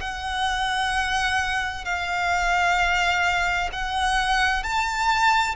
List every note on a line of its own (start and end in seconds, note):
0.00 1.85 F#5
1.85 3.69 F5
3.72 4.63 F#5
4.63 5.55 A5